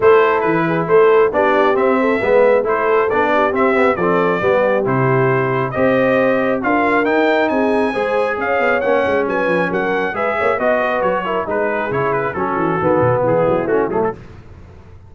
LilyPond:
<<
  \new Staff \with { instrumentName = "trumpet" } { \time 4/4 \tempo 4 = 136 c''4 b'4 c''4 d''4 | e''2 c''4 d''4 | e''4 d''2 c''4~ | c''4 dis''2 f''4 |
g''4 gis''2 f''4 | fis''4 gis''4 fis''4 e''4 | dis''4 cis''4 b'4 cis''8 b'8 | a'2 gis'4 fis'8 gis'16 a'16 | }
  \new Staff \with { instrumentName = "horn" } { \time 4/4 a'4. gis'8 a'4 g'4~ | g'8 a'8 b'4 a'4. g'8~ | g'4 a'4 g'2~ | g'4 c''2 ais'4~ |
ais'4 gis'4 c''4 cis''4~ | cis''4 b'4 ais'4 b'8 cis''8 | dis''8 b'4 ais'8 gis'2 | fis'2 e'2 | }
  \new Staff \with { instrumentName = "trombone" } { \time 4/4 e'2. d'4 | c'4 b4 e'4 d'4 | c'8 b8 c'4 b4 e'4~ | e'4 g'2 f'4 |
dis'2 gis'2 | cis'2. gis'4 | fis'4. e'8 dis'4 e'4 | cis'4 b2 cis'8 a8 | }
  \new Staff \with { instrumentName = "tuba" } { \time 4/4 a4 e4 a4 b4 | c'4 gis4 a4 b4 | c'4 f4 g4 c4~ | c4 c'2 d'4 |
dis'4 c'4 gis4 cis'8 b8 | ais8 gis8 fis8 f8 fis4 gis8 ais8 | b4 fis4 gis4 cis4 | fis8 e8 dis8 b,8 e8 fis8 a8 fis8 | }
>>